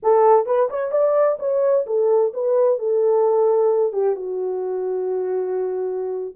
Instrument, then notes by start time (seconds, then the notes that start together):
horn
0.02 A4
0.46 B4
0.69 C#5
0.91 D5
1.39 C#5
1.86 A4
2.33 B4
2.78 A4
3.92 G4
4.15 F#4